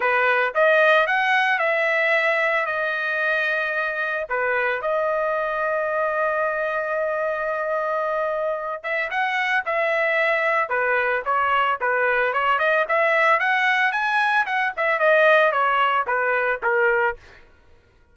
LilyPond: \new Staff \with { instrumentName = "trumpet" } { \time 4/4 \tempo 4 = 112 b'4 dis''4 fis''4 e''4~ | e''4 dis''2. | b'4 dis''2.~ | dis''1~ |
dis''8 e''8 fis''4 e''2 | b'4 cis''4 b'4 cis''8 dis''8 | e''4 fis''4 gis''4 fis''8 e''8 | dis''4 cis''4 b'4 ais'4 | }